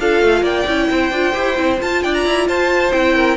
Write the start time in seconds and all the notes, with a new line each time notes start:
0.00 D4 F4 A4 F5
0.22 A3
0.42 A#3 D5 G5
0.67 C#4 E4
0.91 C4 C5
1.12 D4 F4
1.34 E4 G4
1.56 C4 E4
1.79 F4 A5
2.03 D4 D5 G5
2.14 A#5
2.26 E4
2.48 F4 C5 A5
2.93 C4 E4 G5
3.15 A#4